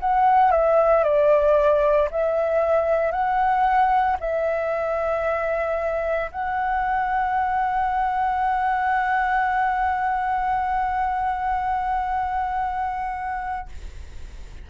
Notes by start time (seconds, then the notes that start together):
0.00 F#5
0.51 E5
1.04 D5
2.11 E5
3.11 F#5
4.20 E5
6.32 F#5